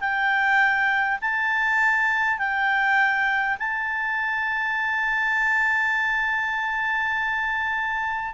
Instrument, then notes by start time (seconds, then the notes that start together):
clarinet
0.00 G5
1.22 A5
2.38 G5
3.59 A5